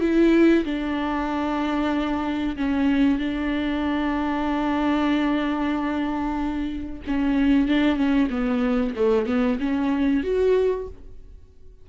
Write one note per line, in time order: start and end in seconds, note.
0.00 0.64 E4
0.64 2.56 D4
2.56 3.18 C#4
3.18 7.01 D4
7.07 7.68 C#4
7.68 7.96 D4
7.96 8.28 C#4
8.30 8.94 B3
8.95 9.26 A3
9.26 9.58 B3
9.60 10.23 C#4
10.23 10.87 F#4